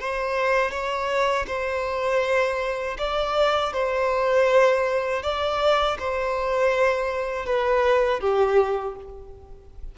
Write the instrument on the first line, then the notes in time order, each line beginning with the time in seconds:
violin
0.00 C5
0.71 C#5
1.47 C5
2.98 D5
3.73 C5
5.22 D5
5.99 C5
7.46 B4
8.20 G4